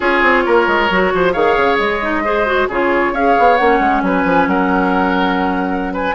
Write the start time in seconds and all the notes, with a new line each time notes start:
0.00 C#4 F4 G#4 C#5
0.22 C4
0.46 A#3 A#4
0.67 G#3
0.90 F#3 F#4
1.13 F3 C5
1.32 D#3 G#4 C#5 F5
1.56 C#3
1.78 G#3 D#5
2.01 D#4
2.24 G#4 C5
2.46 F#4
2.68 C#3 F4 G#4 C#5
3.12 C#4 G#4 C#5 F5
3.38 B3
3.56 A#3 C#4 F#5
3.79 G#3
4.02 F#3 B4 G#5
4.24 F3
4.47 F#3 A#4 F#5
5.93 B4 G#5